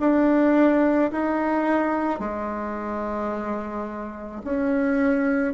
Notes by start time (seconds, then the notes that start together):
0.00 D4
1.12 D#4
2.20 G#3
4.44 C#4